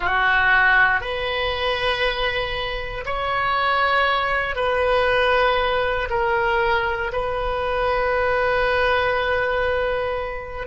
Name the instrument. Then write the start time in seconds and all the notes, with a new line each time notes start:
oboe
0.00 F#4
1.00 B4
3.05 C#5
4.55 B4
6.10 A#4
7.12 B4